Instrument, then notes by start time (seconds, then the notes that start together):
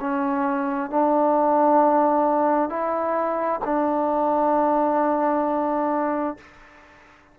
trombone
0.00 C#4
0.90 D4
2.69 E4
3.64 D4